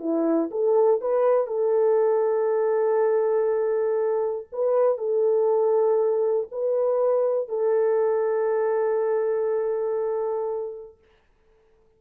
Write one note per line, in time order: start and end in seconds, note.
0.00 0.50 E4
0.51 1.01 A4
1.01 1.47 B4
1.47 4.47 A4
4.53 4.98 B4
4.98 6.48 A4
6.52 7.49 B4
7.49 10.99 A4